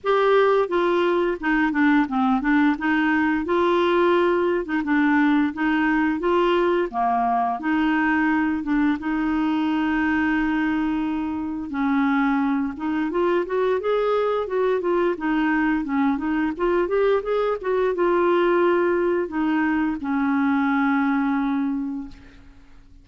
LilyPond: \new Staff \with { instrumentName = "clarinet" } { \time 4/4 \tempo 4 = 87 g'4 f'4 dis'8 d'8 c'8 d'8 | dis'4 f'4.~ f'16 dis'16 d'4 | dis'4 f'4 ais4 dis'4~ | dis'8 d'8 dis'2.~ |
dis'4 cis'4. dis'8 f'8 fis'8 | gis'4 fis'8 f'8 dis'4 cis'8 dis'8 | f'8 g'8 gis'8 fis'8 f'2 | dis'4 cis'2. | }